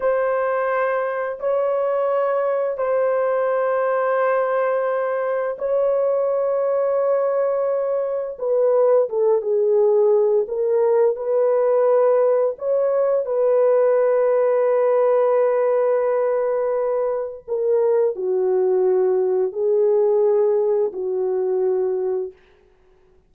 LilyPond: \new Staff \with { instrumentName = "horn" } { \time 4/4 \tempo 4 = 86 c''2 cis''2 | c''1 | cis''1 | b'4 a'8 gis'4. ais'4 |
b'2 cis''4 b'4~ | b'1~ | b'4 ais'4 fis'2 | gis'2 fis'2 | }